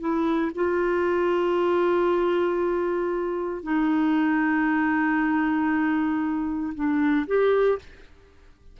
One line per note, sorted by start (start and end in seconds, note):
0.00 0.52 E4
0.55 3.63 F4
3.63 6.74 D#4
6.75 7.26 D4
7.27 7.79 G4